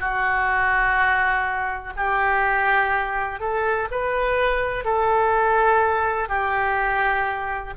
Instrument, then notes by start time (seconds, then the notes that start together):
oboe
0.00 F#4
1.96 G4
3.40 A4
3.91 B4
4.85 A4
6.29 G4